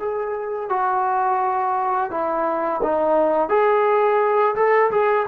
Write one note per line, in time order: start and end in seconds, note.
0.00 0.70 G#4
0.70 2.11 F#4
2.11 2.82 E4
2.83 3.50 D#4
3.50 4.56 G#4
4.56 4.91 A4
4.92 5.27 G#4